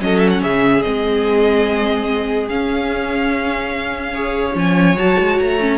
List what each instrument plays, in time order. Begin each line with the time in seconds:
0.00 cello F#3, viola C#4, violin A4 D#5
0.19 violin E5
0.30 violin F#5
0.42 cello C#3, violin G#4 E5
0.83 cello G#3, viola C4, violin D#5
2.49 cello C#4, viola C#4, violin F5
4.14 viola G#4, violin C#5
4.53 cello F3, viola C#4, violin G#5
4.96 cello F#3, viola F#4, violin A5
5.19 cello G#3
5.39 cello A3, violin A#5
5.60 viola C#4